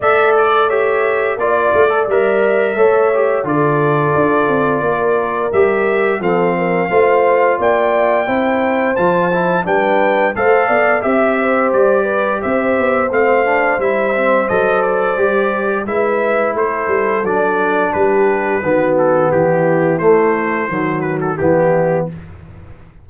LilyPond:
<<
  \new Staff \with { instrumentName = "trumpet" } { \time 4/4 \tempo 4 = 87 e''8 d''8 e''4 d''4 e''4~ | e''4 d''2. | e''4 f''2 g''4~ | g''4 a''4 g''4 f''4 |
e''4 d''4 e''4 f''4 | e''4 dis''8 d''4. e''4 | c''4 d''4 b'4. a'8 | g'4 c''4. b'16 a'16 g'4 | }
  \new Staff \with { instrumentName = "horn" } { \time 4/4 d''4 cis''4 d''2 | cis''4 a'2 ais'4~ | ais'4 a'8 ais'8 c''4 d''4 | c''2 b'4 c''8 d''8 |
e''8 c''4 b'8 c''2~ | c''2. b'4 | a'2 g'4 fis'4 | e'2 fis'4 e'4 | }
  \new Staff \with { instrumentName = "trombone" } { \time 4/4 a'4 g'4 f'8. a'16 ais'4 | a'8 g'8 f'2. | g'4 c'4 f'2 | e'4 f'8 e'8 d'4 a'4 |
g'2. c'8 d'8 | e'8 c'8 a'4 g'4 e'4~ | e'4 d'2 b4~ | b4 a4 fis4 b4 | }
  \new Staff \with { instrumentName = "tuba" } { \time 4/4 a2 ais8 a8 g4 | a4 d4 d'8 c'8 ais4 | g4 f4 a4 ais4 | c'4 f4 g4 a8 b8 |
c'4 g4 c'8 b8 a4 | g4 fis4 g4 gis4 | a8 g8 fis4 g4 dis4 | e4 a4 dis4 e4 | }
>>